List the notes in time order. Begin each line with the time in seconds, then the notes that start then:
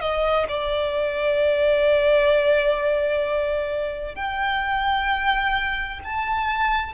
0.00 D#5
0.48 D5
4.15 G5
6.04 A5